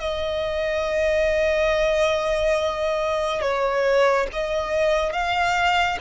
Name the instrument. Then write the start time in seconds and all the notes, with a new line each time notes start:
violin
0.00 D#5
3.41 C#5
4.32 D#5
5.12 F5